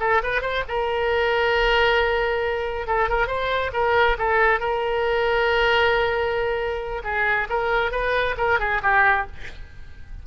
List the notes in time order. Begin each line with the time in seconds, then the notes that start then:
0.00 A4
0.23 B4
0.42 C5
0.68 A#4
2.87 A4
3.09 A#4
3.27 C5
3.73 A#4
4.19 A4
4.60 A#4
7.04 G#4
7.50 A#4
7.92 B4
8.38 A#4
8.59 G#4
8.83 G4